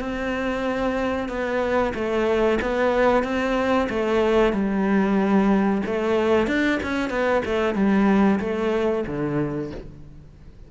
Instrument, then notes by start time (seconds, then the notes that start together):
cello
0.00 C4
1.29 B3
1.95 A3
2.62 B3
3.24 C4
3.89 A3
4.53 G3
5.86 A3
6.47 D4
6.83 C#4
7.10 B3
7.46 A3
7.75 G3
8.40 A3
9.07 D3